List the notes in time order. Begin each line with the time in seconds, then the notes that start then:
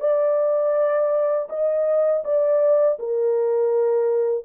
0.00 D5
1.49 D#5
2.24 D5
2.99 A#4